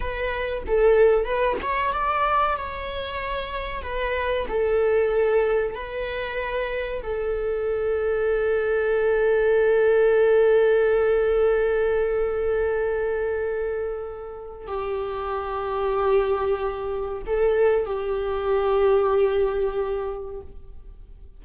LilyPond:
\new Staff \with { instrumentName = "viola" } { \time 4/4 \tempo 4 = 94 b'4 a'4 b'8 cis''8 d''4 | cis''2 b'4 a'4~ | a'4 b'2 a'4~ | a'1~ |
a'1~ | a'2. g'4~ | g'2. a'4 | g'1 | }